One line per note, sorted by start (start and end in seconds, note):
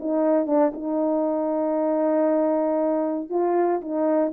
0.00 0.47 D#4
0.47 0.72 D4
0.74 3.30 D#4
3.30 3.81 F4
3.82 4.33 D#4